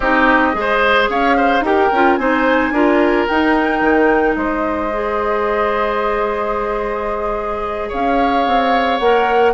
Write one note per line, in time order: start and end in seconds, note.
0.00 0.54 C4
0.00 0.52 D#4
0.00 0.55 G4
0.00 1.07 D#5
0.52 1.09 G#3
0.52 1.62 G#4
0.60 1.10 C5
1.09 1.60 C#4
1.09 1.37 C#5
1.09 1.64 F5
1.37 1.64 C5
1.60 1.88 D#4
1.60 1.91 G4
1.60 2.19 A#4
1.60 2.16 G5
1.92 2.18 C#4
1.92 2.19 F4
2.16 2.71 C4
2.16 2.74 D#4
2.16 2.73 C5
2.16 3.25 G#5
2.71 3.25 D4
2.71 3.28 F4
2.71 4.37 A#4
3.27 3.80 D#4
3.27 4.90 D#4
3.27 4.35 G5
3.80 4.35 D#3
4.35 7.90 G#3
4.35 7.88 C5
4.35 7.90 D#5
4.90 8.99 G#4
7.88 8.46 C#4
7.88 9.52 C#5
7.88 8.98 F5
8.46 9.00 C4
8.98 9.54 A#3
8.98 9.54 A#4
8.98 9.53 F#5